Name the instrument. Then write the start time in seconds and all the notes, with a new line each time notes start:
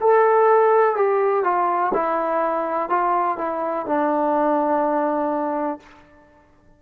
trombone
0.00 A4
0.95 G4
1.43 F4
1.93 E4
2.89 F4
3.37 E4
3.86 D4